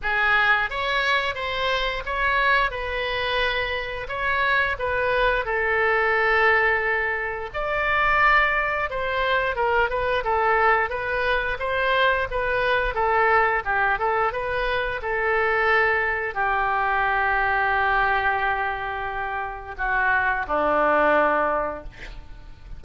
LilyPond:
\new Staff \with { instrumentName = "oboe" } { \time 4/4 \tempo 4 = 88 gis'4 cis''4 c''4 cis''4 | b'2 cis''4 b'4 | a'2. d''4~ | d''4 c''4 ais'8 b'8 a'4 |
b'4 c''4 b'4 a'4 | g'8 a'8 b'4 a'2 | g'1~ | g'4 fis'4 d'2 | }